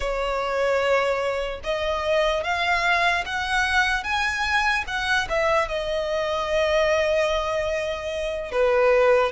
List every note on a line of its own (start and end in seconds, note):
0.00 1.60 C#5
1.63 2.43 D#5
2.43 3.24 F5
3.25 4.03 F#5
4.03 4.84 G#5
4.86 5.27 F#5
5.29 5.68 E5
5.68 8.51 D#5
8.51 9.32 B4